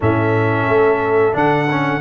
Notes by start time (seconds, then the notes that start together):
0.00 A2 C#4 A4 E5
0.67 A3
1.32 D3 D4 F#5
1.70 C#4